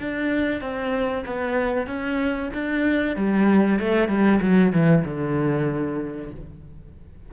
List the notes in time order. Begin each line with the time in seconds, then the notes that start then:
0.00 D4
0.61 C4
1.26 B3
1.87 C#4
2.54 D4
3.16 G3
3.80 A3
4.09 G3
4.41 F#3
4.73 E3
5.05 D3